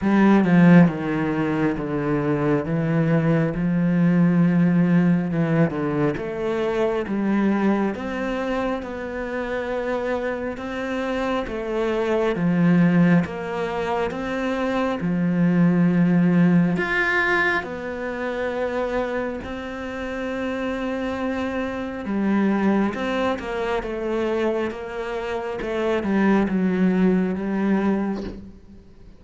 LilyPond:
\new Staff \with { instrumentName = "cello" } { \time 4/4 \tempo 4 = 68 g8 f8 dis4 d4 e4 | f2 e8 d8 a4 | g4 c'4 b2 | c'4 a4 f4 ais4 |
c'4 f2 f'4 | b2 c'2~ | c'4 g4 c'8 ais8 a4 | ais4 a8 g8 fis4 g4 | }